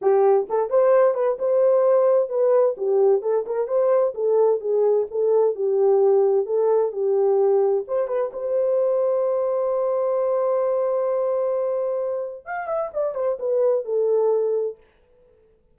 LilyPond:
\new Staff \with { instrumentName = "horn" } { \time 4/4 \tempo 4 = 130 g'4 a'8 c''4 b'8 c''4~ | c''4 b'4 g'4 a'8 ais'8 | c''4 a'4 gis'4 a'4 | g'2 a'4 g'4~ |
g'4 c''8 b'8 c''2~ | c''1~ | c''2. f''8 e''8 | d''8 c''8 b'4 a'2 | }